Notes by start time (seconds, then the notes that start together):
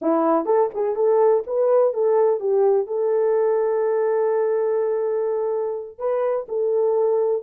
0.01 E4
0.45 A4
0.74 G#4
0.95 A4
1.46 B4
1.93 A4
2.40 G4
2.86 A4
5.98 B4
6.48 A4